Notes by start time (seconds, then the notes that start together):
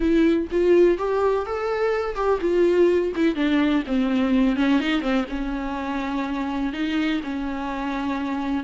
0.00 E4
0.51 F4
0.98 G4
1.46 A4
2.15 G4
2.40 F4
3.15 E4
3.35 D4
3.86 C4
4.56 C#4
4.80 D#4
5.01 C4
5.29 C#4
6.72 D#4
7.23 C#4